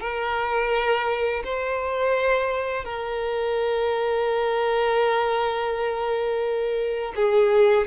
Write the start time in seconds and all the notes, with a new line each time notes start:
0.00 A#4
1.44 C5
2.84 A#4
7.16 G#4